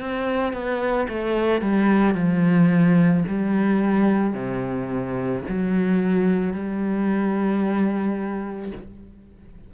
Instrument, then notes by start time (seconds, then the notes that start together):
cello
0.00 C4
0.53 B3
1.09 A3
1.61 G3
2.15 F3
3.28 G3
4.33 C3
5.48 F#3
6.54 G3